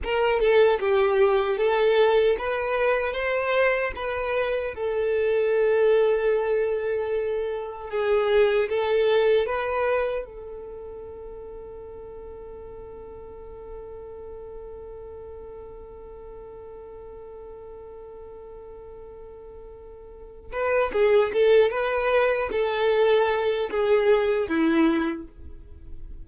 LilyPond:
\new Staff \with { instrumentName = "violin" } { \time 4/4 \tempo 4 = 76 ais'8 a'8 g'4 a'4 b'4 | c''4 b'4 a'2~ | a'2 gis'4 a'4 | b'4 a'2.~ |
a'1~ | a'1~ | a'2 b'8 gis'8 a'8 b'8~ | b'8 a'4. gis'4 e'4 | }